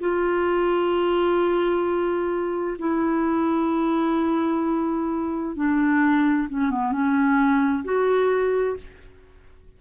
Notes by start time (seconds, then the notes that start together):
0.00 F4
2.79 E4
5.56 D4
6.49 C#4
6.71 B3
6.92 C#4
7.84 F#4